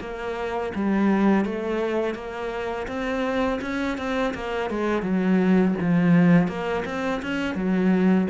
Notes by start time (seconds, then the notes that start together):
0.00 A#3
0.75 G3
1.45 A3
2.15 A#3
2.87 C4
3.61 C#4
3.98 C4
4.34 A#3
4.70 G#3
5.02 F#3
5.80 F3
6.47 A#3
6.85 C4
7.22 C#4
7.55 F#3